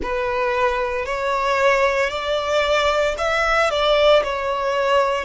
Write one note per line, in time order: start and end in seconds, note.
0.02 1.05 B4
1.05 2.10 C#5
2.10 3.15 D5
3.18 3.70 E5
3.70 4.22 D5
4.23 5.24 C#5